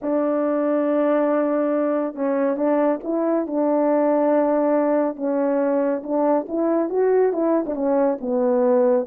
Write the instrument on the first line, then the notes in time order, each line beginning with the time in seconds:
horn
0.02 D4
2.15 C#4
2.56 D4
3.03 E4
3.46 D4
5.16 C#4
6.03 D4
6.48 E4
6.89 F#4
7.32 E4
7.66 D4
7.74 C#4
8.21 B3